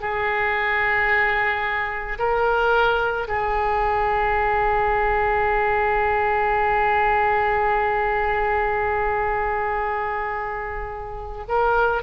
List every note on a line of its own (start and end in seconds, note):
0.00 2.18 G#4
2.18 3.27 A#4
3.28 11.46 G#4
11.48 12.02 A#4